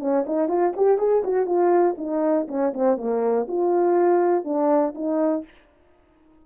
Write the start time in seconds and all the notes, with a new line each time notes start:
0.00 C#4
0.27 D#4
0.49 F4
0.77 G4
0.98 G#4
1.24 F#4
1.46 F4
1.98 D#4
2.48 C#4
2.74 C4
2.98 A#3
3.48 F4
4.44 D4
4.95 D#4